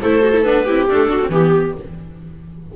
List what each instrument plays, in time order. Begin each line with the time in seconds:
0.00 double bass A3, viola E4 A4, clarinet C5
0.22 viola F#4
0.33 viola E4
0.41 double bass B3, viola D4, clarinet B4
0.64 double bass C4, viola E4 G4
0.87 viola A3, double bass D4, clarinet A4
1.08 viola D4 F#4
1.22 viola C4
1.29 double bass E3, viola B3 G4, clarinet G4